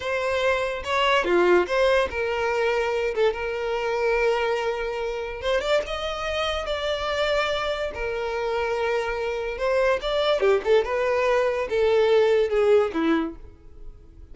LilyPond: \new Staff \with { instrumentName = "violin" } { \time 4/4 \tempo 4 = 144 c''2 cis''4 f'4 | c''4 ais'2~ ais'8 a'8 | ais'1~ | ais'4 c''8 d''8 dis''2 |
d''2. ais'4~ | ais'2. c''4 | d''4 g'8 a'8 b'2 | a'2 gis'4 e'4 | }